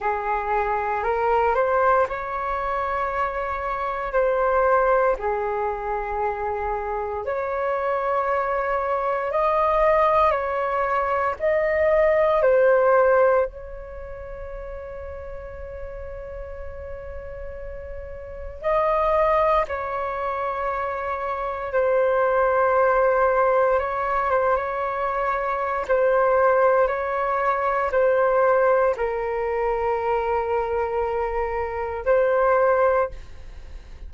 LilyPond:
\new Staff \with { instrumentName = "flute" } { \time 4/4 \tempo 4 = 58 gis'4 ais'8 c''8 cis''2 | c''4 gis'2 cis''4~ | cis''4 dis''4 cis''4 dis''4 | c''4 cis''2.~ |
cis''2 dis''4 cis''4~ | cis''4 c''2 cis''8 c''16 cis''16~ | cis''4 c''4 cis''4 c''4 | ais'2. c''4 | }